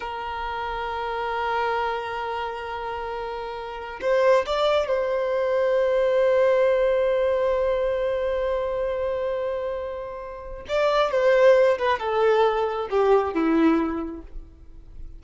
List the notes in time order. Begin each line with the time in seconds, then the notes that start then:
0.00 A#4
4.01 C5
4.45 D5
4.87 C5
10.68 D5
11.11 C5
11.78 B4
11.99 A4
12.90 G4
13.33 E4